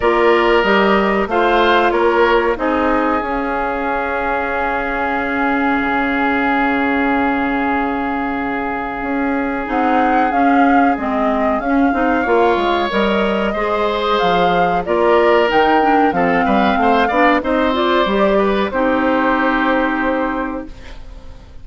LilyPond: <<
  \new Staff \with { instrumentName = "flute" } { \time 4/4 \tempo 4 = 93 d''4 dis''4 f''4 cis''4 | dis''4 f''2.~ | f''1~ | f''2. fis''4 |
f''4 dis''4 f''2 | dis''2 f''4 d''4 | g''4 f''2 dis''8 d''8~ | d''4 c''2. | }
  \new Staff \with { instrumentName = "oboe" } { \time 4/4 ais'2 c''4 ais'4 | gis'1~ | gis'1~ | gis'1~ |
gis'2. cis''4~ | cis''4 c''2 ais'4~ | ais'4 a'8 b'8 c''8 d''8 c''4~ | c''8 b'8 g'2. | }
  \new Staff \with { instrumentName = "clarinet" } { \time 4/4 f'4 g'4 f'2 | dis'4 cis'2.~ | cis'1~ | cis'2. dis'4 |
cis'4 c'4 cis'8 dis'8 f'4 | ais'4 gis'2 f'4 | dis'8 d'8 c'4. d'8 dis'8 f'8 | g'4 dis'2. | }
  \new Staff \with { instrumentName = "bassoon" } { \time 4/4 ais4 g4 a4 ais4 | c'4 cis'2.~ | cis'4 cis2.~ | cis2 cis'4 c'4 |
cis'4 gis4 cis'8 c'8 ais8 gis8 | g4 gis4 f4 ais4 | dis4 f8 g8 a8 b8 c'4 | g4 c'2. | }
>>